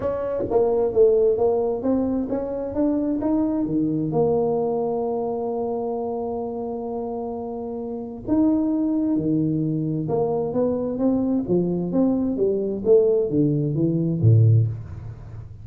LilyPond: \new Staff \with { instrumentName = "tuba" } { \time 4/4 \tempo 4 = 131 cis'4 ais4 a4 ais4 | c'4 cis'4 d'4 dis'4 | dis4 ais2.~ | ais1~ |
ais2 dis'2 | dis2 ais4 b4 | c'4 f4 c'4 g4 | a4 d4 e4 a,4 | }